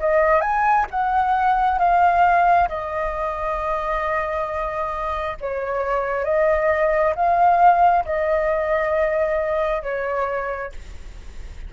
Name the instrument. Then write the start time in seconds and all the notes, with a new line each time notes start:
flute
0.00 D#5
0.41 G#5
0.90 F#5
1.78 F5
2.68 D#5
5.41 C#5
6.24 D#5
7.15 F5
8.05 D#5
9.83 C#5